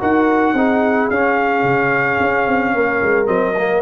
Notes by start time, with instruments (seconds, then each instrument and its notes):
0.00 tuba D#4, trombone F#4, horn A#4, trumpet F#5
0.53 tuba C4, trombone D#4, horn G#4
1.10 tuba C#4, trombone C#4, trumpet F5
1.63 tuba C#3
2.21 tuba C#4
2.47 tuba C4
2.74 tuba A#3, horn A#4
3.02 tuba G#3
3.26 tuba F#3, trombone C4, trumpet D#5
3.57 trombone A#3